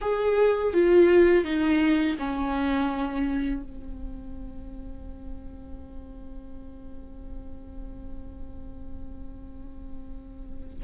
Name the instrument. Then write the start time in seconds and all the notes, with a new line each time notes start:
viola
0.01 G#4
0.73 F4
1.44 D#4
2.18 C#4
3.62 C4